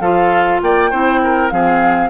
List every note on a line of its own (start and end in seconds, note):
0.00 0.60 F3
0.00 0.91 F4
0.00 0.61 A4
0.00 0.60 F5
0.62 0.92 A#3
0.62 0.90 D5
0.62 1.50 G5
0.90 1.51 C4
0.90 1.51 E4
0.90 1.20 C5
1.23 1.53 A#4
1.50 2.09 F3
1.50 2.09 C4
1.50 2.09 G#4
1.50 2.09 F5